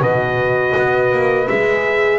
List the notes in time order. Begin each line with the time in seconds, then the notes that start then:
0.00 B2 F#4 B4 D#5
0.76 B3
1.11 A#3
1.48 G#3 G#4 E5